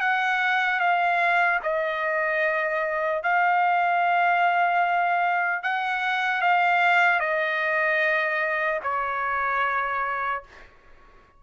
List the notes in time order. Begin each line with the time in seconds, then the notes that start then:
0.00 F#5
0.79 F5
1.63 D#5
3.23 F5
5.63 F#5
6.41 F5
7.19 D#5
8.83 C#5